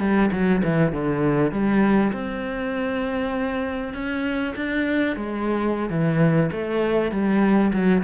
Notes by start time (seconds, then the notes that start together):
0.00 G3
0.32 F#3
0.64 E3
0.92 D3
1.52 G3
2.13 C4
3.94 C#4
4.56 D4
5.16 G#3
5.90 E3
6.52 A3
7.12 G3
7.73 F#3